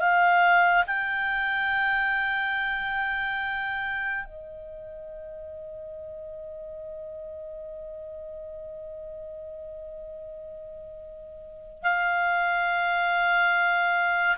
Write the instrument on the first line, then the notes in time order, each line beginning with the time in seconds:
clarinet
0.00 F5
0.87 G5
4.25 D#5
11.83 F5